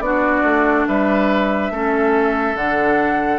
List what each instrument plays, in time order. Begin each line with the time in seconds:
0.00 bassoon B3, clarinet D4, oboe F#4, flute D5
0.44 bassoon A3
0.88 bassoon G3, oboe B4, flute E5
1.70 bassoon A3, clarinet C#4, oboe A4
2.55 bassoon D3, clarinet D4, flute F#5